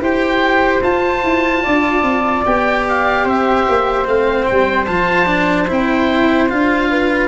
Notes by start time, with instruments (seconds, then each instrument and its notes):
0.00 tuba E4, cello G4, flute C5, oboe G5
0.82 tuba F4, cello F4, oboe A5
1.24 tuba E4
1.63 tuba D4, flute D5
2.03 tuba C4
2.46 tuba B3, cello G4, oboe G5
2.89 oboe F5
3.24 tuba C4, flute C5, oboe E5
3.69 tuba A#3
4.05 tuba A3, cello C4, oboe F5
4.46 tuba G3, oboe G5
4.86 tuba F3, cello F4, oboe A5
5.26 cello D4
5.68 tuba C4, cello E4, oboe G5
6.49 tuba D4, cello F4, oboe F5
6.90 flute B4